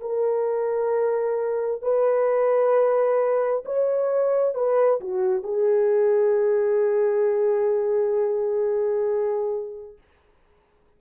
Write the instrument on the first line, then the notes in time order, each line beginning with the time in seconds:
horn
0.00 A#4
1.82 B4
3.65 C#5
4.54 B4
5.00 F#4
5.43 G#4